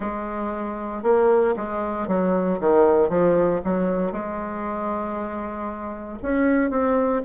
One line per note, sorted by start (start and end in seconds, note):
0.00 1.03 G#3
1.03 1.54 A#3
1.56 2.07 G#3
2.07 2.59 F#3
2.60 3.08 D#3
3.08 3.60 F3
3.64 4.11 F#3
4.11 6.18 G#3
6.22 6.70 C#4
6.70 7.21 C4